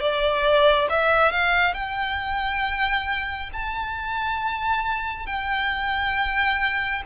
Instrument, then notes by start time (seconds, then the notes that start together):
violin
0.00 D5
0.89 E5
1.31 F5
1.74 G5
3.53 A5
5.26 G5